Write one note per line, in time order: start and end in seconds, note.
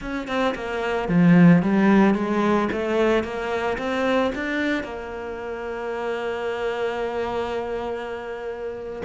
0.01 0.27 C#4
0.27 0.54 C4
0.55 1.08 A#3
1.08 1.62 F3
1.62 2.14 G3
2.14 2.68 G#3
2.72 3.23 A3
3.23 3.77 A#3
3.78 4.32 C4
4.34 4.83 D4
4.83 9.02 A#3